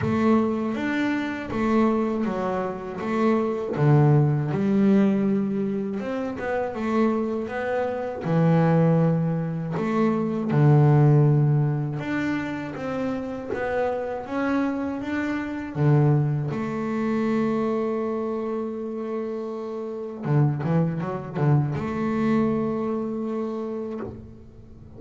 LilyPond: \new Staff \with { instrumentName = "double bass" } { \time 4/4 \tempo 4 = 80 a4 d'4 a4 fis4 | a4 d4 g2 | c'8 b8 a4 b4 e4~ | e4 a4 d2 |
d'4 c'4 b4 cis'4 | d'4 d4 a2~ | a2. d8 e8 | fis8 d8 a2. | }